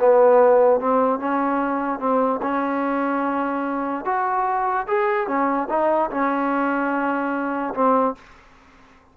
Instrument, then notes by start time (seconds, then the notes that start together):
trombone
0.00 B3
0.81 C4
1.20 C#4
1.99 C4
2.42 C#4
4.05 F#4
4.87 G#4
5.28 C#4
5.69 D#4
6.11 C#4
7.74 C4